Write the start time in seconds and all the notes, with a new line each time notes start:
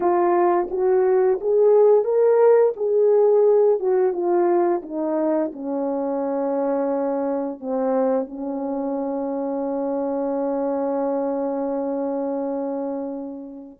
0.00 F4
0.70 F#4
1.40 G#4
2.04 A#4
2.76 G#4
3.79 F#4
4.12 F4
4.82 D#4
5.53 C#4
7.60 C4
8.27 C#4